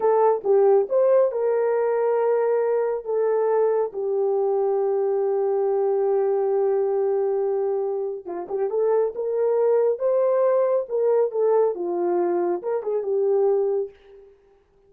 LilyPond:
\new Staff \with { instrumentName = "horn" } { \time 4/4 \tempo 4 = 138 a'4 g'4 c''4 ais'4~ | ais'2. a'4~ | a'4 g'2.~ | g'1~ |
g'2. f'8 g'8 | a'4 ais'2 c''4~ | c''4 ais'4 a'4 f'4~ | f'4 ais'8 gis'8 g'2 | }